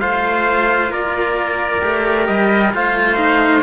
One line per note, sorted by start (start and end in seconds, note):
0.00 0.91 A3
0.00 1.81 F4
0.00 0.91 C5
0.00 0.91 F5
0.91 1.82 A#3
0.91 2.73 A#4
0.91 2.26 D5
1.81 2.28 A3
1.81 2.72 G4
2.26 2.73 G3
2.26 2.72 D#5
2.73 3.62 A3
2.73 3.16 F4
2.73 3.62 C5
2.73 3.62 F5
3.16 3.61 D#4